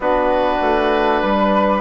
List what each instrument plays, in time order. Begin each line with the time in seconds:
0.00 bassoon B3, trombone D4, flute F#4, oboe B4
0.61 bassoon A3
1.21 bassoon G3, flute B4